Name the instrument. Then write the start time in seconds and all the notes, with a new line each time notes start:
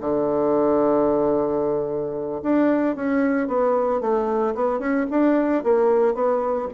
bassoon
0.00 D3
2.42 D4
2.95 C#4
3.47 B3
4.00 A3
4.55 B3
4.79 C#4
5.10 D4
5.63 A#3
6.14 B3